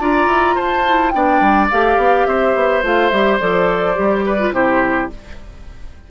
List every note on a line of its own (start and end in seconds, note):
0.00 0.27 D4
0.00 0.85 F4
0.00 0.56 D5
0.00 0.58 A#5
0.27 0.55 E4
0.56 1.14 F4
0.56 1.12 C5
0.56 1.10 A5
0.87 1.14 E4
1.10 1.41 B3
1.10 1.70 D4
1.10 2.28 D5
1.10 1.67 G5
1.41 1.69 G3
1.71 1.97 A3
1.71 2.83 G4
1.71 2.26 F5
1.97 2.26 B3
2.26 2.55 C4
2.26 4.26 C5
2.26 2.83 E5
2.55 2.83 B3
2.83 3.12 A3
2.83 3.11 F4
2.83 3.10 F5
3.10 3.40 G3
3.10 3.40 G4
3.10 3.38 E5
3.40 3.98 F3
3.40 3.95 A4
3.40 4.53 D5
3.95 4.52 G3
3.95 4.37 G4
4.26 4.54 B4
4.39 4.53 F4
4.52 5.08 C3
4.52 5.10 E4
4.52 5.11 G4
4.52 5.10 C5